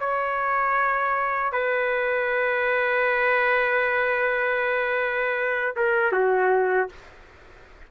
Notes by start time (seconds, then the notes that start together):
0.00 C#5
1.52 B4
5.76 A#4
6.12 F#4